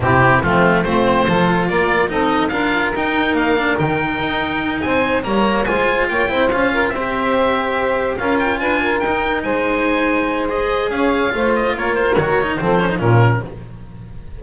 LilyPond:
<<
  \new Staff \with { instrumentName = "oboe" } { \time 4/4 \tempo 4 = 143 g'4 f'4 c''2 | d''4 dis''4 f''4 g''4 | f''4 g''2~ g''8 gis''8~ | gis''8 ais''4 gis''4 g''4 f''8~ |
f''8 e''2. f''8 | g''8 gis''4 g''4 gis''4.~ | gis''4 dis''4 f''4. dis''8 | cis''8 c''8 cis''4 c''4 ais'4 | }
  \new Staff \with { instrumentName = "saxophone" } { \time 4/4 e'4 c'4 f'4 a'4 | ais'4 a'4 ais'2~ | ais'2.~ ais'8 c''8~ | c''8 cis''4 c''4 cis''8 c''4 |
ais'8 c''2. ais'8~ | ais'8 b'8 ais'4. c''4.~ | c''2 cis''4 c''4 | ais'2 a'4 f'4 | }
  \new Staff \with { instrumentName = "cello" } { \time 4/4 c'4 a4 c'4 f'4~ | f'4 dis'4 f'4 dis'4~ | dis'8 d'8 dis'2.~ | dis'8 ais4 f'4. e'8 f'8~ |
f'8 g'2. f'8~ | f'4. dis'2~ dis'8~ | dis'4 gis'2 f'4~ | f'4 fis'8 dis'8 c'8 cis'16 dis'16 cis'4 | }
  \new Staff \with { instrumentName = "double bass" } { \time 4/4 c4 f4 a4 f4 | ais4 c'4 d'4 dis'4 | ais4 dis4 dis'4. c'8~ | c'8 g4 gis4 ais8 c'8 cis'8~ |
cis'8 c'2. cis'8~ | cis'8 d'4 dis'4 gis4.~ | gis2 cis'4 a4 | ais4 dis4 f4 ais,4 | }
>>